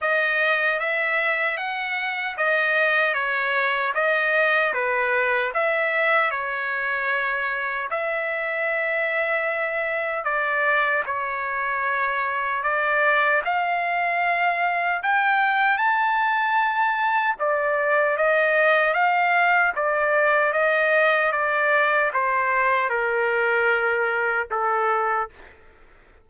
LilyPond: \new Staff \with { instrumentName = "trumpet" } { \time 4/4 \tempo 4 = 76 dis''4 e''4 fis''4 dis''4 | cis''4 dis''4 b'4 e''4 | cis''2 e''2~ | e''4 d''4 cis''2 |
d''4 f''2 g''4 | a''2 d''4 dis''4 | f''4 d''4 dis''4 d''4 | c''4 ais'2 a'4 | }